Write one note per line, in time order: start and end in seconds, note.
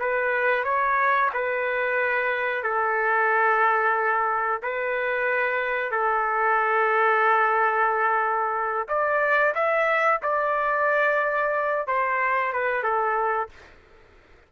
0.00 0.64 B4
0.64 1.30 C#5
1.34 2.64 B4
2.64 4.62 A4
4.63 5.92 B4
5.92 8.88 A4
8.89 9.55 D5
9.55 10.21 E5
10.23 11.87 D5
11.87 12.53 C5
12.53 12.84 B4
12.84 13.50 A4